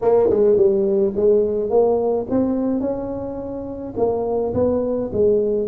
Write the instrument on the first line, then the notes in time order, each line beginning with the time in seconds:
tuba
0.01 A#3
0.30 G#3
0.56 G3
1.16 G#3
1.70 A#3
2.30 C4
2.80 C#4
3.96 A#3
4.54 B3
5.12 G#3